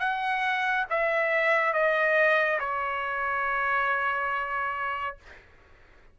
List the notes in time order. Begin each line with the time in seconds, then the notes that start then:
0.00 F#5
0.91 E5
1.74 D#5
2.60 C#5